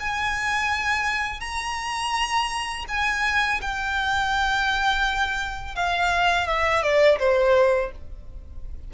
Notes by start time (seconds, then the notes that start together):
0.00 G#5
1.41 A#5
2.88 G#5
3.61 G5
5.76 F5
6.48 E5
6.83 D5
7.19 C5